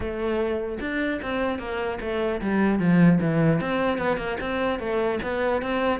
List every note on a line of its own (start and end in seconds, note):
0.00 0.79 A3
0.80 1.20 D4
1.21 1.59 C4
1.59 1.99 A#3
2.00 2.40 A3
2.41 2.79 G3
2.79 3.19 F3
3.20 3.60 E3
3.60 3.98 C4
3.98 4.17 B3
4.17 4.37 A#3
4.40 4.79 C4
4.79 5.19 A3
5.22 5.62 B3
5.62 6.00 C4